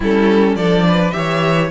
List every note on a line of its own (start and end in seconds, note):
0.00 0.55 G3
0.00 0.59 C#4
0.00 0.54 E4
0.00 0.56 A4
0.55 1.12 F3
0.55 1.12 D4
0.55 0.85 A4
0.55 1.10 D5
0.87 1.16 B4
1.10 1.71 E3
1.10 1.69 G4
1.10 1.71 C#5
1.10 1.67 E5